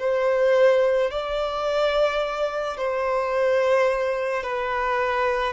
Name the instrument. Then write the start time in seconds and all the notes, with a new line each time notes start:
violin
0.00 C5
1.11 D5
2.77 C5
4.43 B4